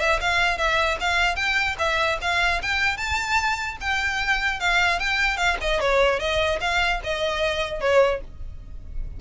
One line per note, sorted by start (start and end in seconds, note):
0.00 0.20 E5
0.21 0.58 F5
0.58 0.98 E5
1.01 1.36 F5
1.36 1.76 G5
1.79 2.19 E5
2.22 2.62 F5
2.63 2.97 G5
2.97 3.77 A5
3.81 4.60 G5
4.60 5.00 F5
5.00 5.38 G5
5.38 5.58 F5
5.61 5.81 D#5
5.81 6.20 C#5
6.20 6.60 D#5
6.61 7.01 F5
7.04 7.81 D#5
7.81 8.21 C#5